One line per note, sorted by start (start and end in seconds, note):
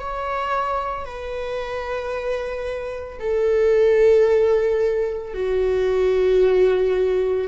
0.00 1.05 C#5
1.05 3.19 B4
3.19 5.34 A4
5.34 7.48 F#4